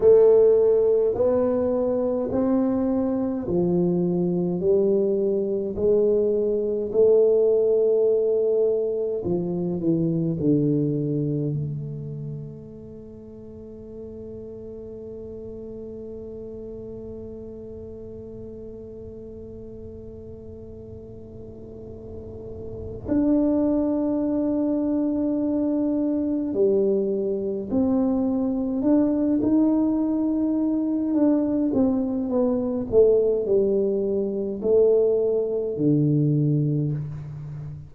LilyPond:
\new Staff \with { instrumentName = "tuba" } { \time 4/4 \tempo 4 = 52 a4 b4 c'4 f4 | g4 gis4 a2 | f8 e8 d4 a2~ | a1~ |
a1 | d'2. g4 | c'4 d'8 dis'4. d'8 c'8 | b8 a8 g4 a4 d4 | }